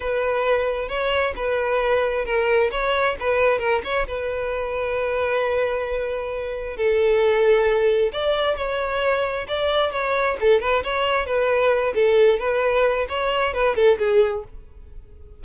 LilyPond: \new Staff \with { instrumentName = "violin" } { \time 4/4 \tempo 4 = 133 b'2 cis''4 b'4~ | b'4 ais'4 cis''4 b'4 | ais'8 cis''8 b'2.~ | b'2. a'4~ |
a'2 d''4 cis''4~ | cis''4 d''4 cis''4 a'8 b'8 | cis''4 b'4. a'4 b'8~ | b'4 cis''4 b'8 a'8 gis'4 | }